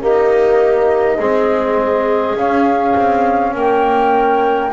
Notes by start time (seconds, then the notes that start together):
0.00 A#3 D#4 G4 D#5
1.17 G#3 C4 G#4
2.35 C#4 F5
2.96 C4
3.53 A#3 A#4 G5